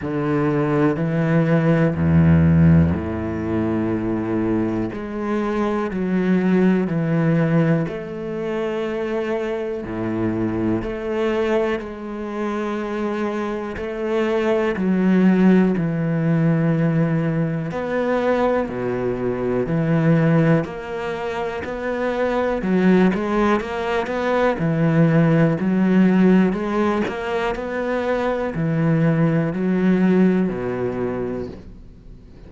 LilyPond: \new Staff \with { instrumentName = "cello" } { \time 4/4 \tempo 4 = 61 d4 e4 e,4 a,4~ | a,4 gis4 fis4 e4 | a2 a,4 a4 | gis2 a4 fis4 |
e2 b4 b,4 | e4 ais4 b4 fis8 gis8 | ais8 b8 e4 fis4 gis8 ais8 | b4 e4 fis4 b,4 | }